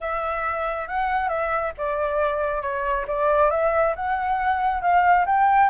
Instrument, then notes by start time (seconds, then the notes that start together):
flute
0.00 E5
0.88 F#5
1.28 E5
1.77 D5
2.61 C#5
3.07 D5
3.50 E5
3.95 F#5
4.81 F5
5.26 G5